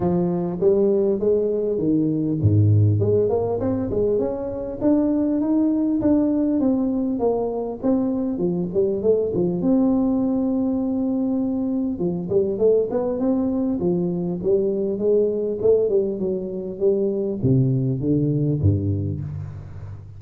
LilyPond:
\new Staff \with { instrumentName = "tuba" } { \time 4/4 \tempo 4 = 100 f4 g4 gis4 dis4 | gis,4 gis8 ais8 c'8 gis8 cis'4 | d'4 dis'4 d'4 c'4 | ais4 c'4 f8 g8 a8 f8 |
c'1 | f8 g8 a8 b8 c'4 f4 | g4 gis4 a8 g8 fis4 | g4 c4 d4 g,4 | }